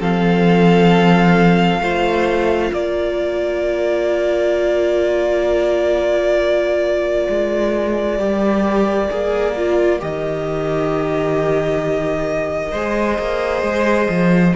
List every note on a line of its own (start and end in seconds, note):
0.00 1.81 F3
0.00 1.82 C4
0.00 1.82 A4
0.00 2.74 F5
1.81 2.72 A3
1.81 8.19 F4
1.81 2.72 C5
2.72 7.28 A#3
2.72 12.72 A#4
2.72 10.02 D5
7.30 8.20 G#3
8.19 9.11 G3
8.19 9.10 G4
9.10 10.03 A#3
9.10 9.56 G#4
9.57 10.00 F4
10.00 12.73 D#3
10.00 12.72 G4
10.00 14.56 D#5
12.72 13.19 G#3
12.72 14.56 G#4
12.72 14.54 C5
13.19 13.63 A#3
13.63 14.09 G#3
14.10 14.55 F3